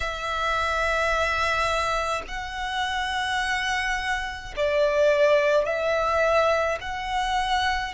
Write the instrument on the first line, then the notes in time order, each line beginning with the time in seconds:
violin
0.00 E5
2.27 F#5
4.56 D5
5.65 E5
6.80 F#5